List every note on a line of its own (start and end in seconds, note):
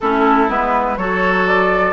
0.01 0.49 A3
0.01 0.48 C#4
0.01 0.98 E4
0.01 0.49 A4
0.48 0.97 G#3
0.48 0.97 B3
0.48 0.97 B4
0.97 1.93 F#3
0.97 1.93 F#4
0.97 1.93 A4
0.97 1.46 C#5
1.46 1.93 D5